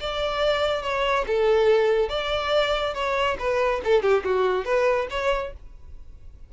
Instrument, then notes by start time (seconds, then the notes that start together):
violin
0.00 D5
0.82 C#5
1.27 A4
2.09 D5
2.94 C#5
3.39 B4
3.84 A4
4.02 G4
4.24 F#4
4.65 B4
5.10 C#5